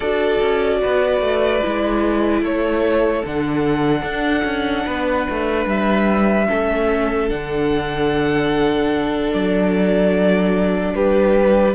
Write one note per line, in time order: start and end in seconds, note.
0.00 0.40 D4
0.00 1.61 F#4
0.00 0.78 A4
0.00 2.43 D5
0.41 0.81 C#4
0.82 1.20 B3
0.82 2.42 B4
1.20 1.61 A3
1.61 2.41 G#3
1.61 3.24 E4
2.41 3.22 A3
2.41 4.85 A4
2.41 3.25 C#5
3.25 4.02 D3
3.25 6.47 D4
3.25 5.68 F#5
4.02 4.42 D4
4.44 4.84 C#4
4.85 5.28 B3
4.85 6.47 B4
5.29 5.66 A3
5.66 6.47 G3
5.66 7.29 E5
6.47 7.30 A3
6.47 7.28 C#4
6.47 10.94 A4
7.28 9.33 D3
7.28 11.74 D4
7.28 9.32 F#5
9.33 10.94 F#3
9.33 10.95 D5
10.94 11.75 G3
10.94 11.75 G4
10.94 11.75 B4